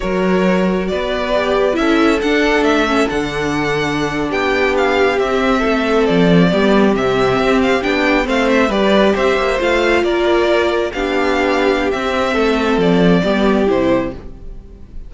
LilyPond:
<<
  \new Staff \with { instrumentName = "violin" } { \time 4/4 \tempo 4 = 136 cis''2 d''2 | e''4 fis''4 e''4 fis''4~ | fis''4.~ fis''16 g''4 f''4 e''16~ | e''4.~ e''16 d''2 e''16~ |
e''4~ e''16 f''8 g''4 f''8 e''8 d''16~ | d''8. e''4 f''4 d''4~ d''16~ | d''8. f''2~ f''16 e''4~ | e''4 d''2 c''4 | }
  \new Staff \with { instrumentName = "violin" } { \time 4/4 ais'2 b'2 | a'1~ | a'4.~ a'16 g'2~ g'16~ | g'8. a'2 g'4~ g'16~ |
g'2~ g'8. c''4 b'16~ | b'8. c''2 ais'4~ ais'16~ | ais'8. g'2.~ g'16 | a'2 g'2 | }
  \new Staff \with { instrumentName = "viola" } { \time 4/4 fis'2. g'4 | e'4 d'4. cis'8 d'4~ | d'2.~ d'8. c'16~ | c'2~ c'8. b4 c'16~ |
c'4.~ c'16 d'4 c'4 g'16~ | g'4.~ g'16 f'2~ f'16~ | f'8. d'2~ d'16 c'4~ | c'2 b4 e'4 | }
  \new Staff \with { instrumentName = "cello" } { \time 4/4 fis2 b2 | cis'4 d'4 a4 d4~ | d4.~ d16 b2 c'16~ | c'8. a4 f4 g4 c16~ |
c8. c'4 b4 a4 g16~ | g8. c'8 ais8 a4 ais4~ ais16~ | ais8. b2~ b16 c'4 | a4 f4 g4 c4 | }
>>